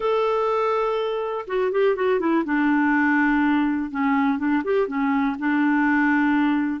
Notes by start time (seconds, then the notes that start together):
0.00 A4
1.47 F#4
1.71 G4
1.95 F#4
2.19 E4
2.44 D4
3.90 C#4
4.38 D4
4.63 G4
4.87 C#4
5.38 D4